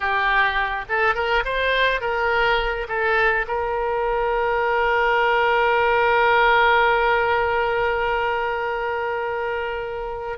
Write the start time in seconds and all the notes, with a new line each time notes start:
0.00 G4
0.88 A4
1.15 A#4
1.44 C5
2.00 A#4
2.88 A4
3.47 A#4